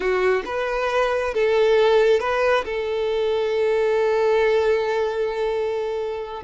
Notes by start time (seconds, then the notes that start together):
0.00 F#4
0.45 B4
1.33 A4
2.19 B4
2.64 A4